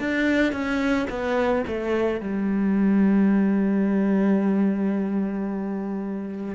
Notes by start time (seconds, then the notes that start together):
0.00 D4
0.53 C#4
1.10 B3
1.67 A3
2.21 G3